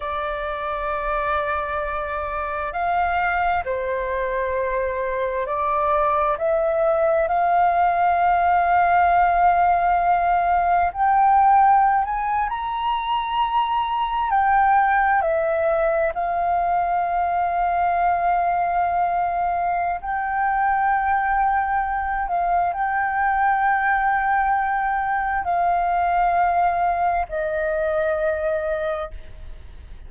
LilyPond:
\new Staff \with { instrumentName = "flute" } { \time 4/4 \tempo 4 = 66 d''2. f''4 | c''2 d''4 e''4 | f''1 | g''4~ g''16 gis''8 ais''2 g''16~ |
g''8. e''4 f''2~ f''16~ | f''2 g''2~ | g''8 f''8 g''2. | f''2 dis''2 | }